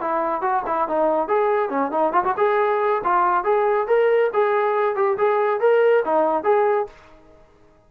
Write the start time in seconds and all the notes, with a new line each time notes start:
0.00 E4
0.41 F#4
0.66 E4
0.88 D#4
1.28 G#4
1.69 C#4
1.91 D#4
2.12 F4
2.24 F#4
2.37 G#4
3.04 F4
3.44 G#4
3.87 A#4
4.33 G#4
4.95 G4
5.17 G#4
5.60 A#4
6.05 D#4
6.44 G#4